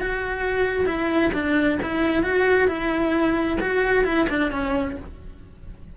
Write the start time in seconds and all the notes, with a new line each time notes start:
0.00 F#4
0.86 E4
1.33 D4
1.82 E4
2.23 F#4
2.68 E4
3.61 F#4
4.04 E4
4.29 D4
4.51 C#4